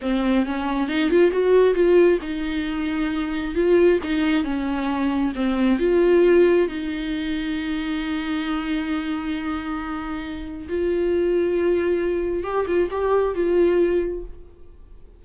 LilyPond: \new Staff \with { instrumentName = "viola" } { \time 4/4 \tempo 4 = 135 c'4 cis'4 dis'8 f'8 fis'4 | f'4 dis'2. | f'4 dis'4 cis'2 | c'4 f'2 dis'4~ |
dis'1~ | dis'1 | f'1 | g'8 f'8 g'4 f'2 | }